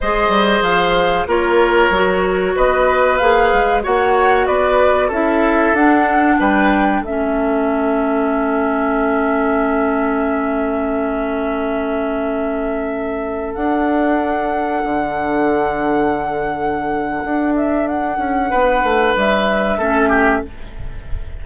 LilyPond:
<<
  \new Staff \with { instrumentName = "flute" } { \time 4/4 \tempo 4 = 94 dis''4 f''4 cis''2 | dis''4 f''4 fis''4 d''4 | e''4 fis''4 g''4 e''4~ | e''1~ |
e''1~ | e''4~ e''16 fis''2~ fis''8.~ | fis''2.~ fis''8 e''8 | fis''2 e''2 | }
  \new Staff \with { instrumentName = "oboe" } { \time 4/4 c''2 ais'2 | b'2 cis''4 b'4 | a'2 b'4 a'4~ | a'1~ |
a'1~ | a'1~ | a'1~ | a'4 b'2 a'8 g'8 | }
  \new Staff \with { instrumentName = "clarinet" } { \time 4/4 gis'2 f'4 fis'4~ | fis'4 gis'4 fis'2 | e'4 d'2 cis'4~ | cis'1~ |
cis'1~ | cis'4~ cis'16 d'2~ d'8.~ | d'1~ | d'2. cis'4 | }
  \new Staff \with { instrumentName = "bassoon" } { \time 4/4 gis8 g8 f4 ais4 fis4 | b4 ais8 gis8 ais4 b4 | cis'4 d'4 g4 a4~ | a1~ |
a1~ | a4~ a16 d'2 d8.~ | d2. d'4~ | d'8 cis'8 b8 a8 g4 a4 | }
>>